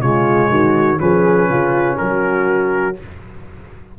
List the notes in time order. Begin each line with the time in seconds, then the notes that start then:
0.00 C#3 G#3 F4 C#5
0.50 D#3 F#4
0.98 F3 C#4 G#4 B4
1.49 C#3 F4
1.98 F#3 F#4 A#4